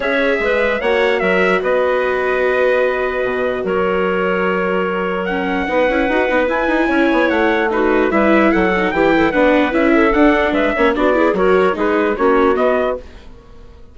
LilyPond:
<<
  \new Staff \with { instrumentName = "trumpet" } { \time 4/4 \tempo 4 = 148 e''2 fis''4 e''4 | dis''1~ | dis''4 cis''2.~ | cis''4 fis''2. |
gis''2 fis''4 b'4 | e''4 fis''4 g''4 fis''4 | e''4 fis''4 e''4 d''4 | cis''4 b'4 cis''4 dis''4 | }
  \new Staff \with { instrumentName = "clarinet" } { \time 4/4 cis''4 b'4 cis''4 ais'4 | b'1~ | b'4 ais'2.~ | ais'2 b'2~ |
b'4 cis''2 fis'4 | b'4 a'4 g'8 a'8 b'4~ | b'8 a'4. b'8 cis''8 fis'8 gis'8 | ais'4 gis'4 fis'2 | }
  \new Staff \with { instrumentName = "viola" } { \time 4/4 gis'2 fis'2~ | fis'1~ | fis'1~ | fis'4 cis'4 dis'8 e'8 fis'8 dis'8 |
e'2. dis'4 | e'4. dis'8 e'4 d'4 | e'4 d'4. cis'8 d'8 e'8 | fis'4 dis'4 cis'4 b4 | }
  \new Staff \with { instrumentName = "bassoon" } { \time 4/4 cis'4 gis4 ais4 fis4 | b1 | b,4 fis2.~ | fis2 b8 cis'8 dis'8 b8 |
e'8 dis'8 cis'8 b8 a2 | g4 fis4 e4 b4 | cis'4 d'4 gis8 ais8 b4 | fis4 gis4 ais4 b4 | }
>>